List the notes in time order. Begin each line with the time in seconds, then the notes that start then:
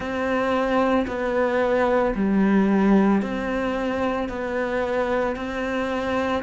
0.00 C4
1.07 B3
2.15 G3
3.21 C4
4.29 B3
5.36 C4